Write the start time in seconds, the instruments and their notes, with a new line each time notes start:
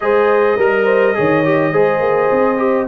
0.00 tuba G#3, trombone G#4, horn C5, trumpet D#5
0.56 tuba G3, horn A#4, trombone A#4
0.84 horn C5
1.14 tuba D#3, trombone G#4, horn C#5
1.44 trombone G4
1.72 tuba G#3, trombone G#4, horn C5
2.00 tuba A#3
2.31 tuba C4
2.57 trombone G4